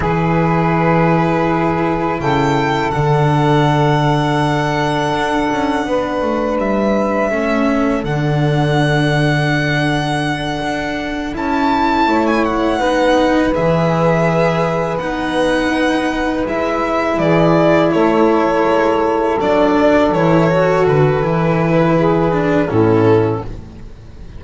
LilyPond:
<<
  \new Staff \with { instrumentName = "violin" } { \time 4/4 \tempo 4 = 82 b'2. g''4 | fis''1~ | fis''4 e''2 fis''4~ | fis''2.~ fis''8 a''8~ |
a''8. gis''16 fis''4. e''4.~ | e''8 fis''2 e''4 d''8~ | d''8 cis''2 d''4 cis''8~ | cis''8 b'2~ b'8 a'4 | }
  \new Staff \with { instrumentName = "saxophone" } { \time 4/4 gis'2. a'4~ | a'1 | b'2 a'2~ | a'1~ |
a'8 cis''4 b'2~ b'8~ | b'2.~ b'8 gis'8~ | gis'8 a'2.~ a'8~ | a'2 gis'4 e'4 | }
  \new Staff \with { instrumentName = "cello" } { \time 4/4 e'1 | d'1~ | d'2 cis'4 d'4~ | d'2.~ d'8 e'8~ |
e'4. dis'4 gis'4.~ | gis'8 dis'2 e'4.~ | e'2~ e'8 d'4 e'8 | fis'4 e'4. d'8 cis'4 | }
  \new Staff \with { instrumentName = "double bass" } { \time 4/4 e2. cis4 | d2. d'8 cis'8 | b8 a8 g4 a4 d4~ | d2~ d8 d'4 cis'8~ |
cis'8 a4 b4 e4.~ | e8 b2 gis4 e8~ | e8 a4 gis4 fis4 e8~ | e8 d8 e2 a,4 | }
>>